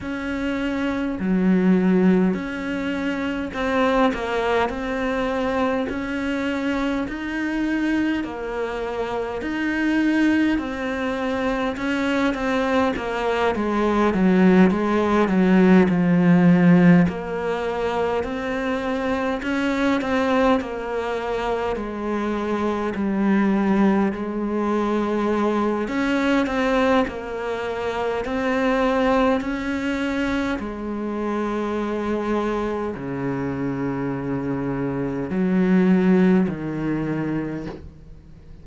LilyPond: \new Staff \with { instrumentName = "cello" } { \time 4/4 \tempo 4 = 51 cis'4 fis4 cis'4 c'8 ais8 | c'4 cis'4 dis'4 ais4 | dis'4 c'4 cis'8 c'8 ais8 gis8 | fis8 gis8 fis8 f4 ais4 c'8~ |
c'8 cis'8 c'8 ais4 gis4 g8~ | g8 gis4. cis'8 c'8 ais4 | c'4 cis'4 gis2 | cis2 fis4 dis4 | }